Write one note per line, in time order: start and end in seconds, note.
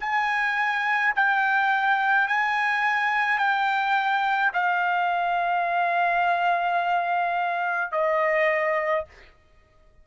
0.00 1.13 G#5
1.15 2.27 G5
2.27 3.38 G#5
3.38 4.51 G5
4.53 7.91 F5
7.91 9.05 D#5